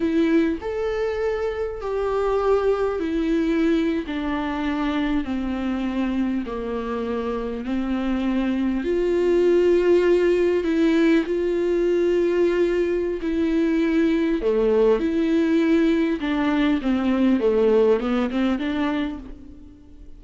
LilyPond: \new Staff \with { instrumentName = "viola" } { \time 4/4 \tempo 4 = 100 e'4 a'2 g'4~ | g'4 e'4.~ e'16 d'4~ d'16~ | d'8. c'2 ais4~ ais16~ | ais8. c'2 f'4~ f'16~ |
f'4.~ f'16 e'4 f'4~ f'16~ | f'2 e'2 | a4 e'2 d'4 | c'4 a4 b8 c'8 d'4 | }